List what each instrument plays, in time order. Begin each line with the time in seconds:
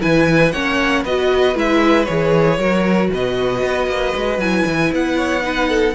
0.00 cello E3, viola E4, violin B4 G#5
0.52 cello A#3, viola C#4, violin C#5 F#5
1.03 cello B3, viola F#4, violin B4 D#5
1.55 cello G#3, viola E4, violin E5
2.05 cello E3, viola G#4, violin C#5
2.58 cello F#3, viola F#4, violin A#4
3.12 cello B2, violin B4 D#5
3.62 cello B3
3.87 cello A#3
4.16 cello G#3
4.38 cello F#3, viola E4, violin G#5
4.66 cello E3
4.93 cello B3, violin F#5
5.17 violin C#5
5.41 viola D#4, violin B4
5.69 violin A4